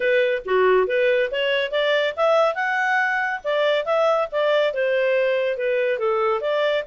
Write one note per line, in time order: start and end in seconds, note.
0.00 0.42 B4
0.45 0.87 F#4
0.87 1.30 B4
1.31 1.71 C#5
1.71 2.14 D5
2.16 2.54 E5
2.54 3.40 F#5
3.44 3.85 D5
3.85 4.27 E5
4.31 4.73 D5
4.73 5.57 C5
5.57 5.98 B4
5.98 6.41 A4
6.41 6.83 D5